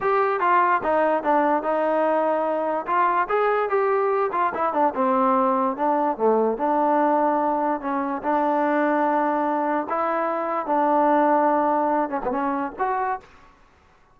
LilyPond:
\new Staff \with { instrumentName = "trombone" } { \time 4/4 \tempo 4 = 146 g'4 f'4 dis'4 d'4 | dis'2. f'4 | gis'4 g'4. f'8 e'8 d'8 | c'2 d'4 a4 |
d'2. cis'4 | d'1 | e'2 d'2~ | d'4. cis'16 b16 cis'4 fis'4 | }